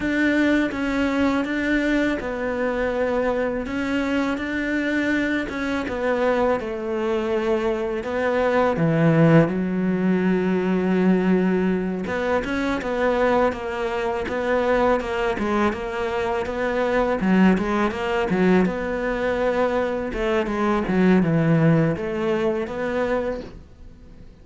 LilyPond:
\new Staff \with { instrumentName = "cello" } { \time 4/4 \tempo 4 = 82 d'4 cis'4 d'4 b4~ | b4 cis'4 d'4. cis'8 | b4 a2 b4 | e4 fis2.~ |
fis8 b8 cis'8 b4 ais4 b8~ | b8 ais8 gis8 ais4 b4 fis8 | gis8 ais8 fis8 b2 a8 | gis8 fis8 e4 a4 b4 | }